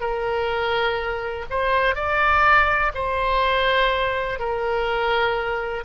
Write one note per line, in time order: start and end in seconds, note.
0.00 1.45 A#4
1.50 1.95 C5
1.95 2.92 D5
2.94 4.39 C5
4.39 5.84 A#4